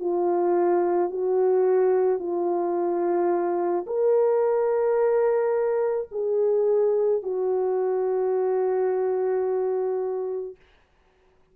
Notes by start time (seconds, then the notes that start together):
0.00 F4
1.10 F#4
2.19 F4
3.86 A#4
6.12 G#4
7.23 F#4